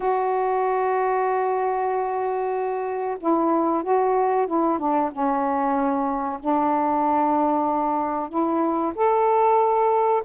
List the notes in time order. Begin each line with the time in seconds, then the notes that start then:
0.00 F#4
3.20 E4
3.83 F#4
4.47 E4
4.78 D4
5.12 C#4
6.39 D4
8.29 E4
8.95 A4